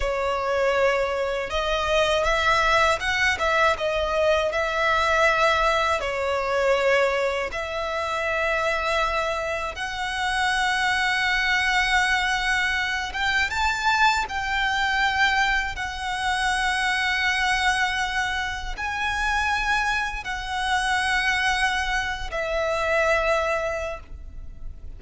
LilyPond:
\new Staff \with { instrumentName = "violin" } { \time 4/4 \tempo 4 = 80 cis''2 dis''4 e''4 | fis''8 e''8 dis''4 e''2 | cis''2 e''2~ | e''4 fis''2.~ |
fis''4. g''8 a''4 g''4~ | g''4 fis''2.~ | fis''4 gis''2 fis''4~ | fis''4.~ fis''16 e''2~ e''16 | }